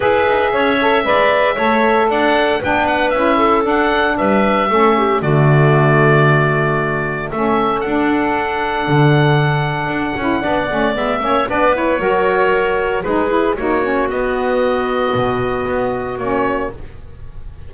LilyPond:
<<
  \new Staff \with { instrumentName = "oboe" } { \time 4/4 \tempo 4 = 115 e''1 | fis''4 g''8 fis''8 e''4 fis''4 | e''2 d''2~ | d''2 e''4 fis''4~ |
fis''1~ | fis''4 e''4 d''8 cis''4.~ | cis''4 b'4 cis''4 dis''4~ | dis''2. cis''4 | }
  \new Staff \with { instrumentName = "clarinet" } { \time 4/4 b'4 cis''4 d''4 cis''4 | d''4 b'4. a'4. | b'4 a'8 g'8 fis'2~ | fis'2 a'2~ |
a'1 | d''4. cis''8 b'4 ais'4~ | ais'4 gis'4 fis'2~ | fis'1 | }
  \new Staff \with { instrumentName = "saxophone" } { \time 4/4 gis'4. a'8 b'4 a'4~ | a'4 d'4 e'4 d'4~ | d'4 cis'4 a2~ | a2 cis'4 d'4~ |
d'2.~ d'8 e'8 | d'8 cis'8 b8 cis'8 d'8 e'8 fis'4~ | fis'4 dis'8 e'8 dis'8 cis'8 b4~ | b2. cis'4 | }
  \new Staff \with { instrumentName = "double bass" } { \time 4/4 e'8 dis'8 cis'4 gis4 a4 | d'4 b4 cis'4 d'4 | g4 a4 d2~ | d2 a4 d'4~ |
d'4 d2 d'8 cis'8 | b8 a8 gis8 ais8 b4 fis4~ | fis4 gis4 ais4 b4~ | b4 b,4 b4 ais4 | }
>>